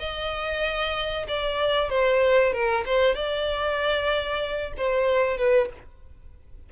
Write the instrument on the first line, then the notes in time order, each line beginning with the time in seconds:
violin
0.00 D#5
1.28 D5
1.90 C5
2.53 A#4
2.86 C5
3.15 D5
4.77 C5
5.38 B4